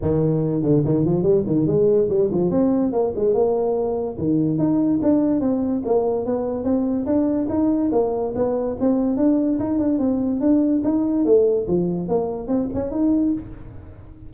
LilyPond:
\new Staff \with { instrumentName = "tuba" } { \time 4/4 \tempo 4 = 144 dis4. d8 dis8 f8 g8 dis8 | gis4 g8 f8 c'4 ais8 gis8 | ais2 dis4 dis'4 | d'4 c'4 ais4 b4 |
c'4 d'4 dis'4 ais4 | b4 c'4 d'4 dis'8 d'8 | c'4 d'4 dis'4 a4 | f4 ais4 c'8 cis'8 dis'4 | }